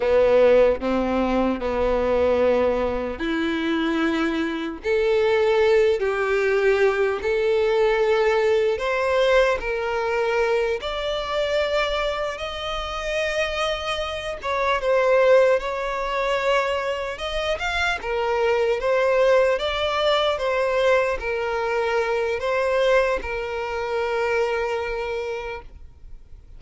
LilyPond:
\new Staff \with { instrumentName = "violin" } { \time 4/4 \tempo 4 = 75 b4 c'4 b2 | e'2 a'4. g'8~ | g'4 a'2 c''4 | ais'4. d''2 dis''8~ |
dis''2 cis''8 c''4 cis''8~ | cis''4. dis''8 f''8 ais'4 c''8~ | c''8 d''4 c''4 ais'4. | c''4 ais'2. | }